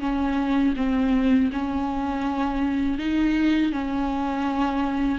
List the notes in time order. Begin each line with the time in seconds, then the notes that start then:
0.00 C#4
0.76 C4
1.53 C#4
2.99 D#4
3.72 C#4